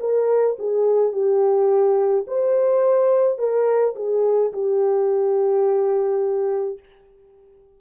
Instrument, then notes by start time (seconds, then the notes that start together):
horn
0.00 A#4
0.59 G#4
1.13 G4
2.27 C5
3.39 A#4
3.96 G#4
4.53 G4